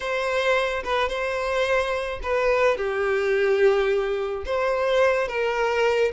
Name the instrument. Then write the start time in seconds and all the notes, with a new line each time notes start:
violin
0.00 C5
0.83 B4
1.08 C5
2.22 B4
2.77 G4
4.45 C5
5.28 A#4